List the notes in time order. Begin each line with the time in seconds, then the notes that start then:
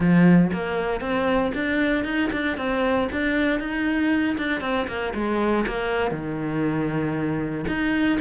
0.00 F3
0.52 A#3
1.00 C4
1.54 D4
2.04 D#4
2.32 D4
2.57 C4
3.11 D4
3.59 D#4
4.37 D4
4.61 C4
4.87 A#3
5.14 G#3
5.67 A#3
6.11 D#3
7.67 D#4